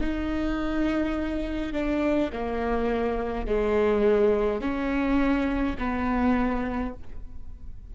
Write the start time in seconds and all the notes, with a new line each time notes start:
0.00 D#4
1.72 D4
2.32 A#3
3.46 G#3
4.60 C#4
5.78 B3